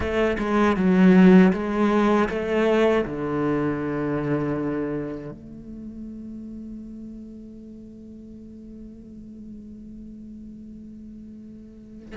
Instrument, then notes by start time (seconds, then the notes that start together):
cello
0.00 A3
0.38 G#3
0.76 F#3
1.53 G#3
2.29 A3
3.05 D3
5.31 A3